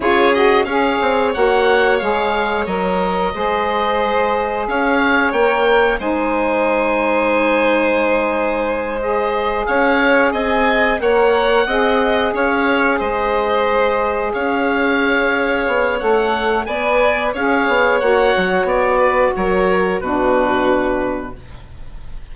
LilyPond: <<
  \new Staff \with { instrumentName = "oboe" } { \time 4/4 \tempo 4 = 90 cis''8 dis''8 f''4 fis''4 f''4 | dis''2. f''4 | g''4 gis''2.~ | gis''4. dis''4 f''4 gis''8~ |
gis''8 fis''2 f''4 dis''8~ | dis''4. f''2~ f''8 | fis''4 gis''4 f''4 fis''4 | d''4 cis''4 b'2 | }
  \new Staff \with { instrumentName = "violin" } { \time 4/4 gis'4 cis''2.~ | cis''4 c''2 cis''4~ | cis''4 c''2.~ | c''2~ c''8 cis''4 dis''8~ |
dis''8 cis''4 dis''4 cis''4 c''8~ | c''4. cis''2~ cis''8~ | cis''4 d''4 cis''2~ | cis''8 b'8 ais'4 fis'2 | }
  \new Staff \with { instrumentName = "saxophone" } { \time 4/4 f'8 fis'8 gis'4 fis'4 gis'4 | ais'4 gis'2. | ais'4 dis'2.~ | dis'4. gis'2~ gis'8~ |
gis'8 ais'4 gis'2~ gis'8~ | gis'1 | a'4 b'4 gis'4 fis'4~ | fis'2 d'2 | }
  \new Staff \with { instrumentName = "bassoon" } { \time 4/4 cis4 cis'8 c'8 ais4 gis4 | fis4 gis2 cis'4 | ais4 gis2.~ | gis2~ gis8 cis'4 c'8~ |
c'8 ais4 c'4 cis'4 gis8~ | gis4. cis'2 b8 | a4 b4 cis'8 b8 ais8 fis8 | b4 fis4 b,2 | }
>>